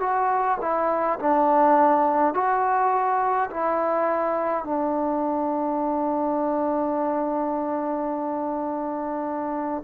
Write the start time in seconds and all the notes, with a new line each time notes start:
0.00 F#4
0.61 E4
1.19 D4
2.34 F#4
3.50 E4
4.64 D4